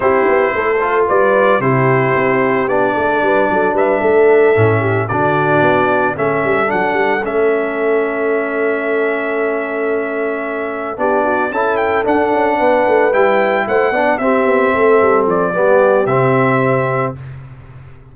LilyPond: <<
  \new Staff \with { instrumentName = "trumpet" } { \time 4/4 \tempo 4 = 112 c''2 d''4 c''4~ | c''4 d''2 e''4~ | e''4. d''2 e''8~ | e''8 fis''4 e''2~ e''8~ |
e''1~ | e''8 d''4 a''8 g''8 fis''4.~ | fis''8 g''4 fis''4 e''4.~ | e''8 d''4. e''2 | }
  \new Staff \with { instrumentName = "horn" } { \time 4/4 g'4 a'4 b'4 g'4~ | g'4. a'8 b'8 a'8 b'8 a'8~ | a'4 g'8 fis'2 a'8~ | a'1~ |
a'1~ | a'8 g'8 fis'8 a'2 b'8~ | b'4. c''8 d''8 g'4 a'8~ | a'4 g'2. | }
  \new Staff \with { instrumentName = "trombone" } { \time 4/4 e'4. f'4. e'4~ | e'4 d'2.~ | d'8 cis'4 d'2 cis'8~ | cis'8 d'4 cis'2~ cis'8~ |
cis'1~ | cis'8 d'4 e'4 d'4.~ | d'8 e'4. d'8 c'4.~ | c'4 b4 c'2 | }
  \new Staff \with { instrumentName = "tuba" } { \time 4/4 c'8 b8 a4 g4 c4 | c'4 b8 a8 g8 fis8 g8 a8~ | a8 a,4 d4 b4 a8 | g8 fis8 g8 a2~ a8~ |
a1~ | a8 b4 cis'4 d'8 cis'8 b8 | a8 g4 a8 b8 c'8 b8 a8 | g8 f8 g4 c2 | }
>>